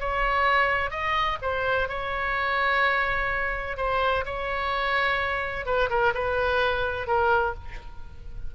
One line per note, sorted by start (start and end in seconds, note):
0.00 0.91 C#5
0.91 1.38 D#5
1.42 1.89 C5
1.89 3.77 C#5
3.77 4.25 C5
4.26 5.66 C#5
5.66 5.89 B4
5.90 6.14 A#4
6.14 7.07 B4
7.07 7.54 A#4